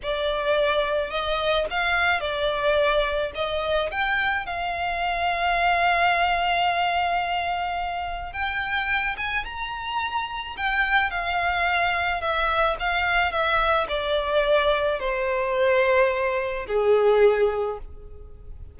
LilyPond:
\new Staff \with { instrumentName = "violin" } { \time 4/4 \tempo 4 = 108 d''2 dis''4 f''4 | d''2 dis''4 g''4 | f''1~ | f''2. g''4~ |
g''8 gis''8 ais''2 g''4 | f''2 e''4 f''4 | e''4 d''2 c''4~ | c''2 gis'2 | }